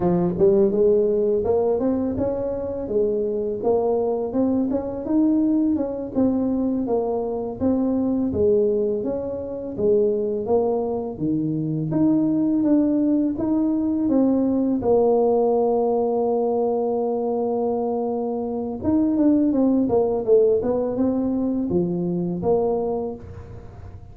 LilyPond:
\new Staff \with { instrumentName = "tuba" } { \time 4/4 \tempo 4 = 83 f8 g8 gis4 ais8 c'8 cis'4 | gis4 ais4 c'8 cis'8 dis'4 | cis'8 c'4 ais4 c'4 gis8~ | gis8 cis'4 gis4 ais4 dis8~ |
dis8 dis'4 d'4 dis'4 c'8~ | c'8 ais2.~ ais8~ | ais2 dis'8 d'8 c'8 ais8 | a8 b8 c'4 f4 ais4 | }